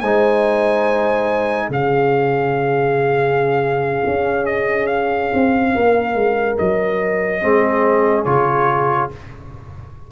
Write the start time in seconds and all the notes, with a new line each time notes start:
0.00 G#3 D#4 C5 G#5
1.67 C#3 C#4 G#4 F5
4.05 C#4
4.45 D#5
4.86 F5
5.33 C4
5.74 A#3 A#4
6.15 G#3
6.58 F#3 D#5
7.41 G#3 C4 G#4
8.24 C#3 F4 C#5